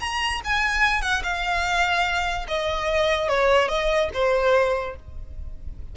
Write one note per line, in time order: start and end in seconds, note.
0.00 0.41 A#5
0.44 1.02 G#5
1.02 1.22 F#5
1.23 2.46 F5
2.48 3.28 D#5
3.28 3.68 C#5
3.68 4.09 D#5
4.13 4.96 C5